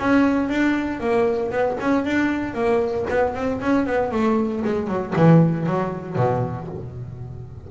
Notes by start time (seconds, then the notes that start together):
0.00 C#4
0.49 D4
1.00 A#3
1.51 B3
1.81 C#4
2.05 D4
2.54 A#3
3.10 B3
3.35 C4
3.61 C#4
3.87 B3
4.12 A3
4.65 G#3
4.88 F#3
5.16 E3
5.67 F#3
6.16 B2